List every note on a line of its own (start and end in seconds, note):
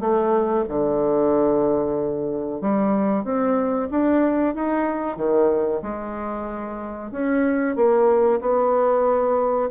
0.00 0.65 A3
0.68 2.61 D3
2.61 3.24 G3
3.24 3.88 C4
3.90 4.55 D4
4.55 5.16 D#4
5.16 5.81 D#3
5.82 7.11 G#3
7.11 7.75 C#4
7.75 8.40 A#3
8.40 9.69 B3